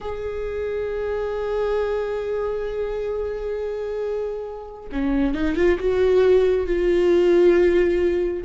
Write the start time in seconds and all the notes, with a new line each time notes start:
0.00 G#4
4.92 C#4
5.34 D#4
5.56 F4
5.79 F#4
6.66 F4